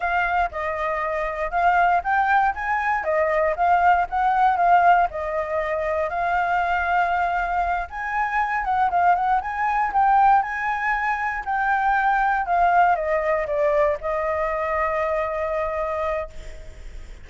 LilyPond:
\new Staff \with { instrumentName = "flute" } { \time 4/4 \tempo 4 = 118 f''4 dis''2 f''4 | g''4 gis''4 dis''4 f''4 | fis''4 f''4 dis''2 | f''2.~ f''8 gis''8~ |
gis''4 fis''8 f''8 fis''8 gis''4 g''8~ | g''8 gis''2 g''4.~ | g''8 f''4 dis''4 d''4 dis''8~ | dis''1 | }